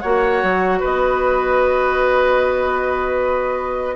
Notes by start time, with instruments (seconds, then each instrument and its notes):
0.00 bassoon A#3, clarinet F#4, oboe C#5, flute F#5
0.43 bassoon F#3
0.80 bassoon B3, oboe B4, flute D#5